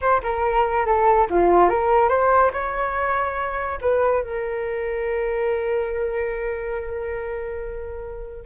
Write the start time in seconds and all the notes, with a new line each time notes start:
0.01 C5
0.22 A#4
0.85 A4
1.29 F4
1.69 A#4
2.09 C5
2.52 C#5
3.81 B4
4.23 A#4